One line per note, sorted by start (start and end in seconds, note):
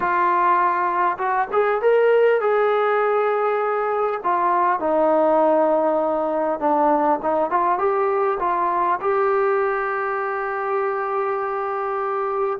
0.00 1.17 F4
1.18 1.48 F#4
1.52 1.81 G#4
1.81 2.40 A#4
2.40 4.20 G#4
4.23 4.79 F4
4.79 6.59 D#4
6.59 7.19 D4
7.22 7.50 D#4
7.50 7.78 F4
7.78 8.38 G4
8.39 8.99 F4
9.00 12.59 G4